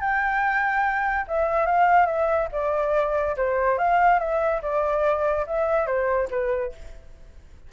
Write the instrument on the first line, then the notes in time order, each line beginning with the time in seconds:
flute
0.00 G5
1.27 E5
1.66 F5
2.06 E5
2.52 D5
3.36 C5
3.78 F5
4.19 E5
4.62 D5
5.47 E5
5.86 C5
6.30 B4